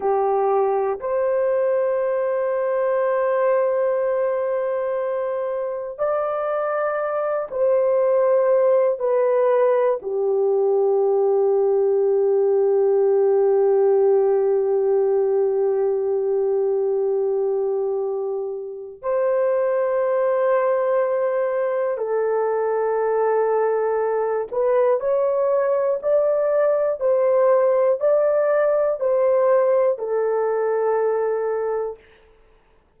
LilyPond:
\new Staff \with { instrumentName = "horn" } { \time 4/4 \tempo 4 = 60 g'4 c''2.~ | c''2 d''4. c''8~ | c''4 b'4 g'2~ | g'1~ |
g'2. c''4~ | c''2 a'2~ | a'8 b'8 cis''4 d''4 c''4 | d''4 c''4 a'2 | }